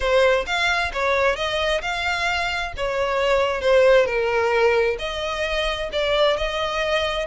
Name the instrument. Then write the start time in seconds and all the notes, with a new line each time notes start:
violin
0.00 C5
0.46 F5
0.93 C#5
1.35 D#5
1.81 F5
2.76 C#5
3.61 C5
4.06 A#4
4.98 D#5
5.92 D5
6.36 D#5